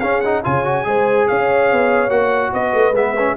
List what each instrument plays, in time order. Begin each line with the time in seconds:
0.00 tuba C#4, trombone C#4, horn G#4, trumpet F5
0.21 trombone D#4, trumpet F#5
0.44 tuba C#3, trombone F4, horn C#5, trumpet G#5
0.64 trombone F#4
0.84 tuba G#3, trombone G#4, horn C5
1.27 tuba C#4, horn C#5, trumpet F5
1.72 tuba B3
2.08 tuba A#3, trombone F#4, trumpet F#5
2.53 tuba B3, horn B4, trumpet D#5
2.73 tuba A3
2.91 tuba G#3, trombone B3, trumpet E5
3.18 trombone C#4